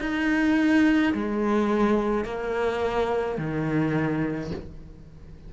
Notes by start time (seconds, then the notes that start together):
0.00 D#4
1.14 G#3
2.24 A#3
3.38 D#3